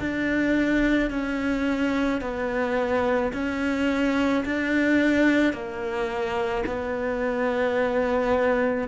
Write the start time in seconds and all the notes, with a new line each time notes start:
0.00 D4
1.11 C#4
2.21 B3
3.33 C#4
4.45 D4
5.53 A#3
6.66 B3